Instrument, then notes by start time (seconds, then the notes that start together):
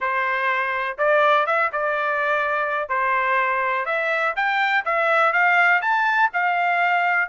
trumpet
0.00 C5
0.98 D5
1.46 E5
1.72 D5
2.88 C5
3.85 E5
4.36 G5
4.85 E5
5.32 F5
5.81 A5
6.33 F5